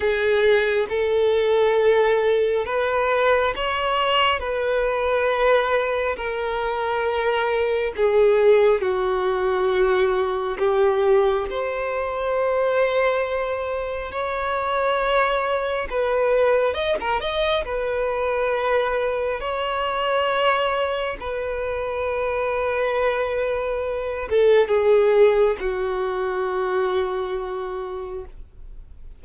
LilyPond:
\new Staff \with { instrumentName = "violin" } { \time 4/4 \tempo 4 = 68 gis'4 a'2 b'4 | cis''4 b'2 ais'4~ | ais'4 gis'4 fis'2 | g'4 c''2. |
cis''2 b'4 dis''16 ais'16 dis''8 | b'2 cis''2 | b'2.~ b'8 a'8 | gis'4 fis'2. | }